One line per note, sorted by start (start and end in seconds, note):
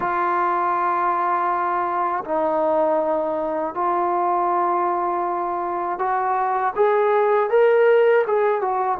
0.00 2.24 F4
2.24 3.74 D#4
3.74 5.98 F4
5.98 6.73 F#4
6.75 7.50 G#4
7.50 8.25 A#4
8.27 8.61 G#4
8.61 8.98 F#4